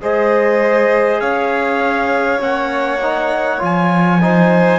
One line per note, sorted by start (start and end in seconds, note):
0.00 1.21 G#3
0.00 2.39 G#4
0.00 1.21 C5
0.00 1.20 D#5
1.20 2.41 C#4
1.20 4.21 C#5
1.20 2.40 F5
2.39 3.61 A#3
2.39 2.99 C#4
2.39 3.62 F#5
3.02 3.58 D#4
3.58 4.79 F3
3.58 4.18 F4
3.58 4.79 G#5
4.21 4.79 D#4
4.21 4.79 C5